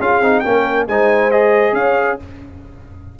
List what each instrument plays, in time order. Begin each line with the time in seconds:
0.00 tuba C#4, trombone F4, horn G#4, trumpet F5
0.21 tuba C4, trombone D#4
0.40 tuba A#3, trombone C#4, horn A#4, trumpet G5
0.88 tuba G#3, trombone D#4, horn C5, trumpet G#5
1.31 trombone G#4, trumpet D#5
1.73 tuba C#4, horn C#5, trumpet F5